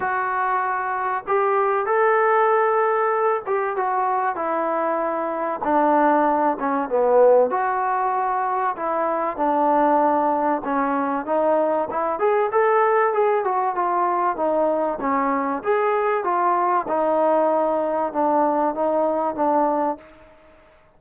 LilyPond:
\new Staff \with { instrumentName = "trombone" } { \time 4/4 \tempo 4 = 96 fis'2 g'4 a'4~ | a'4. g'8 fis'4 e'4~ | e'4 d'4. cis'8 b4 | fis'2 e'4 d'4~ |
d'4 cis'4 dis'4 e'8 gis'8 | a'4 gis'8 fis'8 f'4 dis'4 | cis'4 gis'4 f'4 dis'4~ | dis'4 d'4 dis'4 d'4 | }